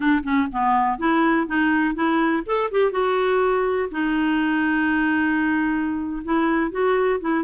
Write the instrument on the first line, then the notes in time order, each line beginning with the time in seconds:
clarinet
0.00 D4
0.23 C#4
0.52 B3
0.98 E4
1.47 D#4
1.94 E4
2.45 A4
2.71 G4
2.91 F#4
3.91 D#4
6.24 E4
6.71 F#4
7.20 E4